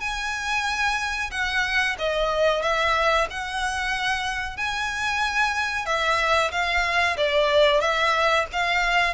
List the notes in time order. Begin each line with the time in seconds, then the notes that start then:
0.00 G#5
1.31 F#5
1.98 D#5
2.62 E5
3.30 F#5
4.57 G#5
5.86 E5
6.51 F5
7.17 D5
7.81 E5
8.52 F5